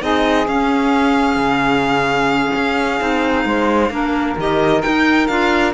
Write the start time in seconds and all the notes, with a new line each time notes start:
0.00 C4 D#4 G#4 D#5
0.47 C#4 F5
1.36 C#3
2.56 C#4
2.99 C4 D#4
3.45 G#3 C5
3.90 A#3 D4 A#4
4.37 D#3 G4 D#5
4.81 D#4 G5
5.27 D4 F4 F5